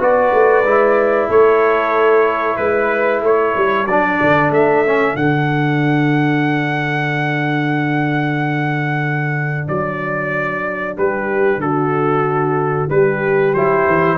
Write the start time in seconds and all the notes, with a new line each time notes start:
0.00 B3 F#4 B4 D5
0.34 A3
0.64 G#3 E4
1.29 A3 A4 C#5
2.57 G#3 B4
3.22 A3 A4 C#5
3.57 G3
3.87 F#3 D4 D5
4.22 D3
4.51 A3 E5
4.87 C#4
5.16 D3 D4 F#5
9.68 F#3 D5
10.98 G3 G4 B4
11.57 D3 F#4 A4
12.90 G3 G4 B4
13.54 F#3 E4 C5
13.88 E3